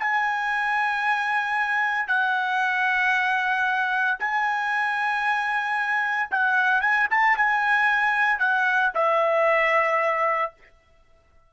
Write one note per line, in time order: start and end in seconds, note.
0.00 2.08 G#5
2.08 4.19 F#5
4.20 6.30 G#5
6.31 6.82 F#5
6.82 7.08 G#5
7.11 7.37 A5
7.37 8.39 G#5
8.39 8.92 F#5
8.95 10.53 E5